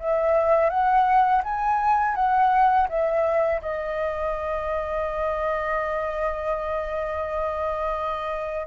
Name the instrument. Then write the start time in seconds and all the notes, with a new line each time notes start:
flute
0.00 E5
0.70 F#5
1.44 G#5
2.16 F#5
2.89 E5
3.62 D#5